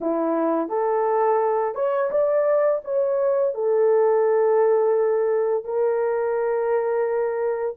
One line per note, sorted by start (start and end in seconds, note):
0.00 0.69 E4
0.69 1.75 A4
1.75 2.10 C#5
2.10 2.81 D5
2.84 3.54 C#5
3.54 5.64 A4
5.64 7.76 A#4